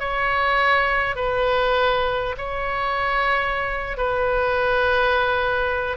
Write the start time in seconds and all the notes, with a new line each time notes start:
0.00 C#5
1.16 B4
2.38 C#5
3.98 B4